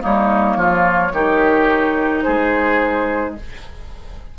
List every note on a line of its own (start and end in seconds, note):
0.00 0.56 G3
0.00 1.11 A#3
0.00 0.57 D#4
0.00 2.23 C#5
0.56 1.12 F3
0.56 1.13 F4
1.13 2.24 D#3
1.13 3.36 D#4
1.13 2.24 G4
2.23 3.39 G#3
2.23 3.35 G#4
2.23 3.34 C5